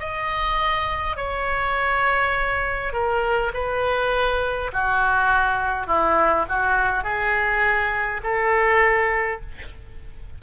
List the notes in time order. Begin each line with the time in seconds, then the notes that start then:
0.00 D#5
1.17 C#5
2.93 A#4
3.53 B4
4.73 F#4
5.87 E4
6.49 F#4
7.04 G#4
8.24 A4